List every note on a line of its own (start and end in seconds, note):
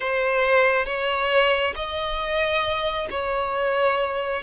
0.00 0.85 C5
0.85 1.74 C#5
1.75 3.08 D#5
3.10 4.42 C#5